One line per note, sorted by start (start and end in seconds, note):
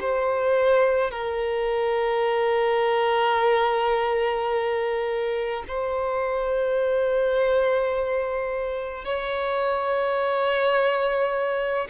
0.00 1.11 C5
1.11 5.64 A#4
5.68 9.05 C5
9.05 11.88 C#5